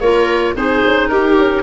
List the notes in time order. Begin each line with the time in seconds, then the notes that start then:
0.00 A#3 F4 A#4 C#5
0.56 C4 D#4 G#4 C5
0.85 C#4
1.08 D#4 G4 A#4
1.38 C#4